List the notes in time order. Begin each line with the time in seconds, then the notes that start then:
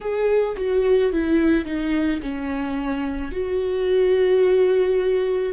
0.00 G#4
0.57 F#4
1.12 E4
1.65 D#4
2.21 C#4
3.31 F#4